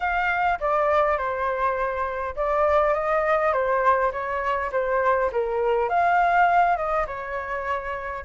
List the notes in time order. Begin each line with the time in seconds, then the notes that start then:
0.00 F5
0.60 D5
1.17 C5
2.36 D5
2.94 D#5
3.52 C5
4.12 C#5
4.72 C5
5.32 A#4
5.89 F5
6.76 D#5
7.06 C#5